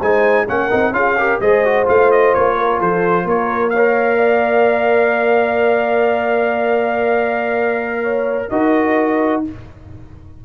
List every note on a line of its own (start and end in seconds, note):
0.00 0.47 G#3
0.00 0.47 D#4
0.00 0.47 C5
0.00 0.48 G#5
0.47 0.72 A#3
0.47 0.70 C#4
0.47 0.94 A#4
0.47 0.94 F#5
0.71 0.92 C4
0.71 0.93 D#4
0.92 1.38 C#4
0.92 1.16 F4
0.92 1.19 G#4
0.92 1.40 F5
1.18 1.42 G4
1.18 1.40 A#4
1.40 1.87 G#3
1.40 1.65 G#4
1.40 2.57 C5
1.40 1.87 D#5
1.65 1.86 F#4
1.86 2.35 A3
1.86 3.72 F4
1.86 2.11 F5
2.11 2.34 D#5
2.34 2.81 A#3
2.34 2.81 C#5
2.57 2.78 A#4
2.78 3.24 F3
2.78 3.25 A4
2.78 3.28 C5
3.24 8.48 A#3
3.24 3.73 A#4
3.24 3.69 C#5
3.69 4.18 C#5
3.69 8.46 F5
3.77 8.51 A#4
4.18 8.02 D5
8.03 8.49 C#5
8.50 9.45 D#4
8.50 9.44 F#4
8.50 9.44 A#4
8.50 9.43 D#5